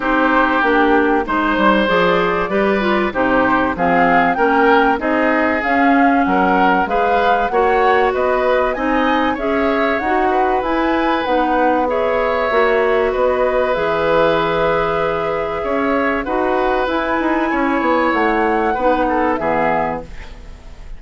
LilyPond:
<<
  \new Staff \with { instrumentName = "flute" } { \time 4/4 \tempo 4 = 96 c''4 g'4 c''4 d''4~ | d''4 c''4 f''4 g''4 | dis''4 f''4 fis''4 f''4 | fis''4 dis''4 gis''4 e''4 |
fis''4 gis''4 fis''4 e''4~ | e''4 dis''4 e''2~ | e''2 fis''4 gis''4~ | gis''4 fis''2 e''4 | }
  \new Staff \with { instrumentName = "oboe" } { \time 4/4 g'2 c''2 | b'4 g'4 gis'4 ais'4 | gis'2 ais'4 b'4 | cis''4 b'4 dis''4 cis''4~ |
cis''8 b'2~ b'8 cis''4~ | cis''4 b'2.~ | b'4 cis''4 b'2 | cis''2 b'8 a'8 gis'4 | }
  \new Staff \with { instrumentName = "clarinet" } { \time 4/4 dis'4 d'4 dis'4 gis'4 | g'8 f'8 dis'4 c'4 cis'4 | dis'4 cis'2 gis'4 | fis'2 dis'4 gis'4 |
fis'4 e'4 dis'4 gis'4 | fis'2 gis'2~ | gis'2 fis'4 e'4~ | e'2 dis'4 b4 | }
  \new Staff \with { instrumentName = "bassoon" } { \time 4/4 c'4 ais4 gis8 g8 f4 | g4 c4 f4 ais4 | c'4 cis'4 fis4 gis4 | ais4 b4 c'4 cis'4 |
dis'4 e'4 b2 | ais4 b4 e2~ | e4 cis'4 dis'4 e'8 dis'8 | cis'8 b8 a4 b4 e4 | }
>>